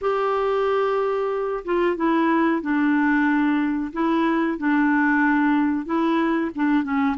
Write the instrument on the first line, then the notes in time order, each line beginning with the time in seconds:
clarinet
0.01 G4
1.65 F4
1.96 E4
2.61 D4
3.92 E4
4.57 D4
5.85 E4
6.55 D4
6.83 C#4